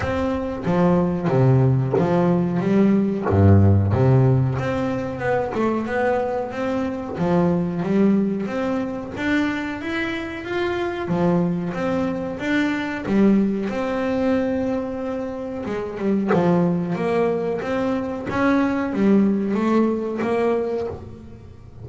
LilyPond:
\new Staff \with { instrumentName = "double bass" } { \time 4/4 \tempo 4 = 92 c'4 f4 c4 f4 | g4 g,4 c4 c'4 | b8 a8 b4 c'4 f4 | g4 c'4 d'4 e'4 |
f'4 f4 c'4 d'4 | g4 c'2. | gis8 g8 f4 ais4 c'4 | cis'4 g4 a4 ais4 | }